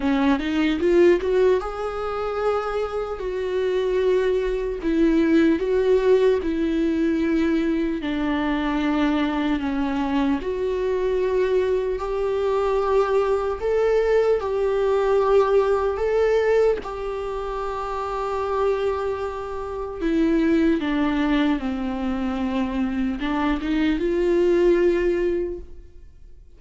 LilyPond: \new Staff \with { instrumentName = "viola" } { \time 4/4 \tempo 4 = 75 cis'8 dis'8 f'8 fis'8 gis'2 | fis'2 e'4 fis'4 | e'2 d'2 | cis'4 fis'2 g'4~ |
g'4 a'4 g'2 | a'4 g'2.~ | g'4 e'4 d'4 c'4~ | c'4 d'8 dis'8 f'2 | }